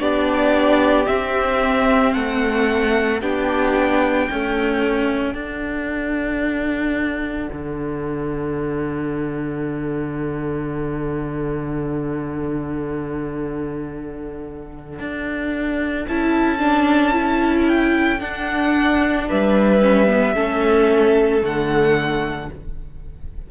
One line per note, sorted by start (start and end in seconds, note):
0.00 1.08 B3
0.00 1.07 D4
0.00 2.14 G4
0.00 1.07 D5
1.07 3.21 C4
1.07 2.16 C4
1.07 2.14 E5
2.14 3.22 A3
2.14 3.20 A4
2.14 3.21 F#5
3.20 4.29 B3
3.20 4.30 D4
3.20 4.26 G4
3.20 5.36 G5
4.26 5.34 A3
4.26 5.35 C#4
4.26 19.26 A4
5.34 16.05 D4
5.34 7.49 D4
5.34 16.07 F#5
7.53 15.00 D3
15.00 16.07 D4
16.08 18.21 C#4
16.08 16.59 E4
16.08 17.69 A5
16.59 17.12 D4
17.13 18.20 E4
17.69 18.21 G5
18.20 19.81 D4
18.20 19.28 D4
18.20 19.28 F#5
19.29 20.36 G3
19.29 20.34 B4
19.29 21.44 E5
19.82 20.08 C#4
20.08 20.35 B3
20.34 21.43 A3
20.34 21.42 C#4
20.34 22.48 A4
21.42 22.50 D3
21.42 22.50 A3
21.42 22.51 F#5